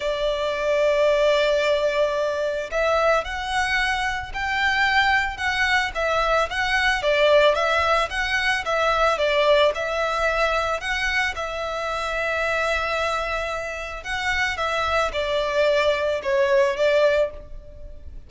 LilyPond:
\new Staff \with { instrumentName = "violin" } { \time 4/4 \tempo 4 = 111 d''1~ | d''4 e''4 fis''2 | g''2 fis''4 e''4 | fis''4 d''4 e''4 fis''4 |
e''4 d''4 e''2 | fis''4 e''2.~ | e''2 fis''4 e''4 | d''2 cis''4 d''4 | }